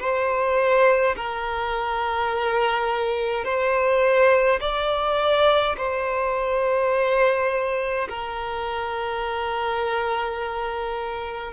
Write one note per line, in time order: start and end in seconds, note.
0.00 1.15 C5
1.16 3.45 A#4
3.45 4.60 C5
4.61 5.76 D5
5.78 8.09 C5
8.09 11.53 A#4